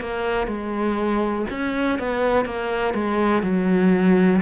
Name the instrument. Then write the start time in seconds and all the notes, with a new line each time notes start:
cello
0.00 A#3
0.47 G#3
1.50 C#4
1.99 B3
2.45 A#3
2.94 G#3
3.42 F#3